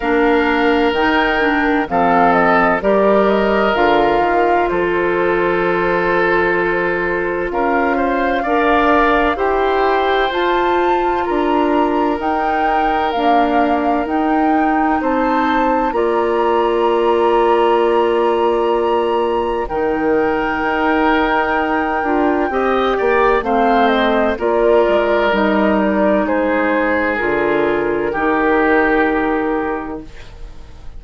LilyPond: <<
  \new Staff \with { instrumentName = "flute" } { \time 4/4 \tempo 4 = 64 f''4 g''4 f''8 dis''8 d''8 dis''8 | f''4 c''2. | f''2 g''4 a''4 | ais''4 g''4 f''4 g''4 |
a''4 ais''2.~ | ais''4 g''2.~ | g''4 f''8 dis''8 d''4 dis''8 d''8 | c''4 ais'2. | }
  \new Staff \with { instrumentName = "oboe" } { \time 4/4 ais'2 a'4 ais'4~ | ais'4 a'2. | ais'8 c''8 d''4 c''2 | ais'1 |
c''4 d''2.~ | d''4 ais'2. | dis''8 d''8 c''4 ais'2 | gis'2 g'2 | }
  \new Staff \with { instrumentName = "clarinet" } { \time 4/4 d'4 dis'8 d'8 c'4 g'4 | f'1~ | f'4 ais'4 g'4 f'4~ | f'4 dis'4 ais4 dis'4~ |
dis'4 f'2.~ | f'4 dis'2~ dis'8 f'8 | g'4 c'4 f'4 dis'4~ | dis'4 f'4 dis'2 | }
  \new Staff \with { instrumentName = "bassoon" } { \time 4/4 ais4 dis4 f4 g4 | d8 dis8 f2. | cis'4 d'4 e'4 f'4 | d'4 dis'4 d'4 dis'4 |
c'4 ais2.~ | ais4 dis4 dis'4. d'8 | c'8 ais8 a4 ais8 gis8 g4 | gis4 d4 dis2 | }
>>